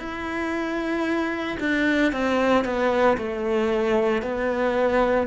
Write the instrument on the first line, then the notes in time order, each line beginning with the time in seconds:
cello
0.00 E4
1.60 D4
2.12 C4
2.65 B3
3.18 A3
4.22 B3